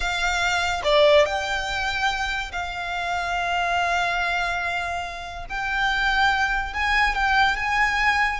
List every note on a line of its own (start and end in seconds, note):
0.00 0.81 F5
0.84 1.25 D5
1.25 2.51 G5
2.52 5.45 F5
5.49 6.73 G5
6.73 7.14 G#5
7.14 7.56 G5
7.56 8.40 G#5